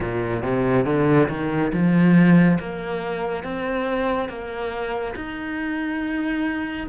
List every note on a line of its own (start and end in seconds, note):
0.00 0.42 A#2
0.42 0.85 C3
0.85 1.27 D3
1.29 1.71 D#3
1.72 2.58 F3
2.59 3.43 A#3
3.43 4.28 C4
4.28 5.14 A#3
5.15 6.86 D#4